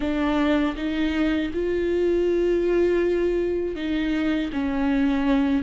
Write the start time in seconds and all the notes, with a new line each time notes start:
0.00 D4
0.76 D#4
1.53 F4
3.75 D#4
4.52 C#4